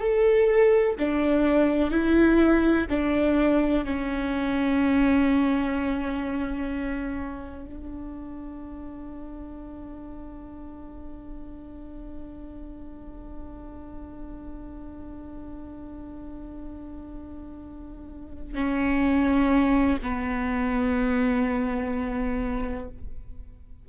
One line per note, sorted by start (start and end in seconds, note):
0.00 0.95 A4
0.99 1.91 D4
1.91 2.86 E4
2.90 3.84 D4
3.84 7.65 C#4
7.66 18.55 D4
18.55 19.97 C#4
20.02 22.88 B3